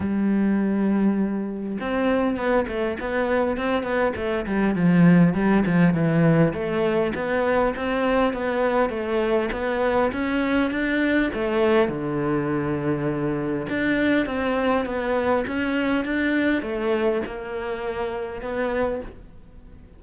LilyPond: \new Staff \with { instrumentName = "cello" } { \time 4/4 \tempo 4 = 101 g2. c'4 | b8 a8 b4 c'8 b8 a8 g8 | f4 g8 f8 e4 a4 | b4 c'4 b4 a4 |
b4 cis'4 d'4 a4 | d2. d'4 | c'4 b4 cis'4 d'4 | a4 ais2 b4 | }